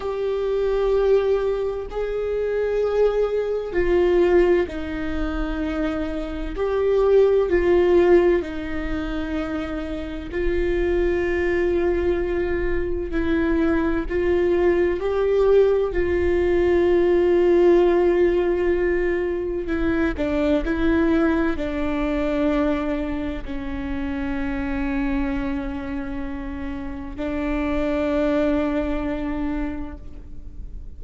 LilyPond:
\new Staff \with { instrumentName = "viola" } { \time 4/4 \tempo 4 = 64 g'2 gis'2 | f'4 dis'2 g'4 | f'4 dis'2 f'4~ | f'2 e'4 f'4 |
g'4 f'2.~ | f'4 e'8 d'8 e'4 d'4~ | d'4 cis'2.~ | cis'4 d'2. | }